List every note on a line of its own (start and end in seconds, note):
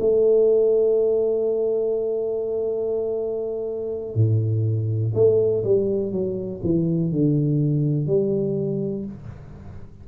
0.00 4.15 A3
4.15 5.13 A2
5.15 5.64 A3
5.64 6.12 G3
6.12 6.61 F#3
6.63 7.12 E3
7.12 8.07 D3
8.07 9.05 G3